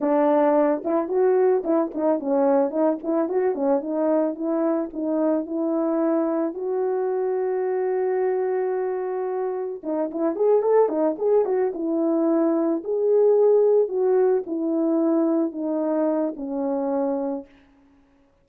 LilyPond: \new Staff \with { instrumentName = "horn" } { \time 4/4 \tempo 4 = 110 d'4. e'8 fis'4 e'8 dis'8 | cis'4 dis'8 e'8 fis'8 cis'8 dis'4 | e'4 dis'4 e'2 | fis'1~ |
fis'2 dis'8 e'8 gis'8 a'8 | dis'8 gis'8 fis'8 e'2 gis'8~ | gis'4. fis'4 e'4.~ | e'8 dis'4. cis'2 | }